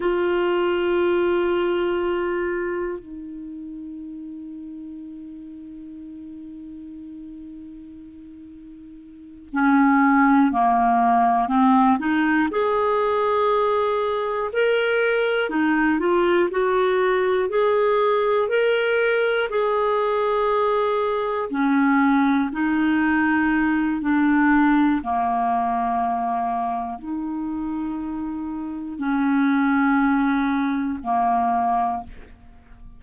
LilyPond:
\new Staff \with { instrumentName = "clarinet" } { \time 4/4 \tempo 4 = 60 f'2. dis'4~ | dis'1~ | dis'4. cis'4 ais4 c'8 | dis'8 gis'2 ais'4 dis'8 |
f'8 fis'4 gis'4 ais'4 gis'8~ | gis'4. cis'4 dis'4. | d'4 ais2 dis'4~ | dis'4 cis'2 ais4 | }